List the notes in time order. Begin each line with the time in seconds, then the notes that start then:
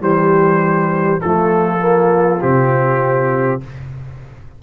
0.00 E3 G3 G4 C5
1.21 F3 A3 F4 A4
1.79 A#3
2.41 C3 C4 G4